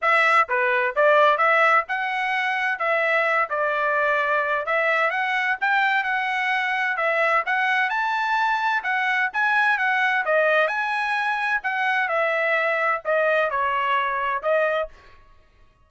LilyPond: \new Staff \with { instrumentName = "trumpet" } { \time 4/4 \tempo 4 = 129 e''4 b'4 d''4 e''4 | fis''2 e''4. d''8~ | d''2 e''4 fis''4 | g''4 fis''2 e''4 |
fis''4 a''2 fis''4 | gis''4 fis''4 dis''4 gis''4~ | gis''4 fis''4 e''2 | dis''4 cis''2 dis''4 | }